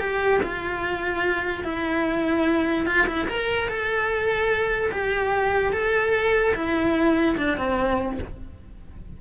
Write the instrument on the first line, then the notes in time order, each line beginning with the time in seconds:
cello
0.00 G4
0.43 F4
1.64 E4
2.86 F4
3.07 E4
3.28 A#4
3.68 A4
4.92 G4
5.73 A4
6.55 E4
7.37 D4
7.58 C4